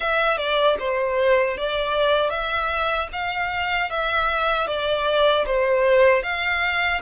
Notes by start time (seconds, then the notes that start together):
0.00 E5
0.37 D5
0.79 C5
1.57 D5
2.30 E5
3.12 F5
3.90 E5
4.67 D5
5.45 C5
6.22 F5